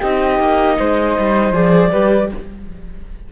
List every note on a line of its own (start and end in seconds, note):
0.00 0.40 C4
0.00 1.53 D#4
0.00 0.76 G4
0.00 1.53 D#5
0.40 0.78 A#3
0.79 1.18 G#3
0.79 1.91 C5
1.18 1.52 G3
1.52 1.90 F3
1.52 1.91 G#4
1.52 2.29 D5
1.91 2.32 G3
1.91 2.30 G4
1.91 2.29 B4